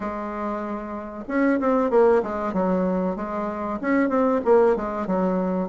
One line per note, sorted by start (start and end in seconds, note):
0.00 1.23 G#3
1.27 1.59 C#4
1.60 1.90 C4
1.90 2.22 A#3
2.22 2.53 G#3
2.53 3.16 F#3
3.16 3.79 G#3
3.81 4.09 C#4
4.09 4.40 C4
4.44 4.76 A#3
4.76 5.06 G#3
5.06 5.68 F#3